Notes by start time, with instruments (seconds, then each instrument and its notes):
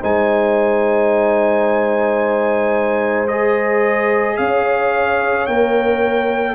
0.00 tuba G#3, trombone D#4, horn C5, trumpet G#5
3.28 trombone G#4, trumpet D#5
4.37 tuba C#4, horn C#5, trumpet F5
5.46 tuba A#3, trombone A#4, trumpet G5